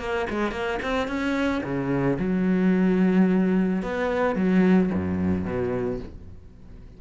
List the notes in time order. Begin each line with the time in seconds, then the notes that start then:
0.00 A#3
0.30 G#3
0.52 A#3
0.83 C4
1.08 C#4
1.64 C#3
2.19 F#3
3.83 B3
4.36 F#3
4.95 F#2
5.46 B2